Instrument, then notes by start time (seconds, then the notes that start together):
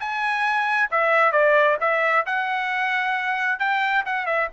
trumpet
0.00 G#5
0.91 E5
1.32 D5
1.81 E5
2.26 F#5
3.60 G5
4.06 F#5
4.27 E5